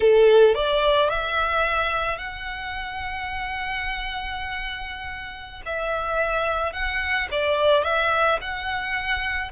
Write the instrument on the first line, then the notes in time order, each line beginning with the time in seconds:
violin
0.00 A4
0.55 D5
1.09 E5
2.17 F#5
5.65 E5
6.73 F#5
7.31 D5
7.83 E5
8.41 F#5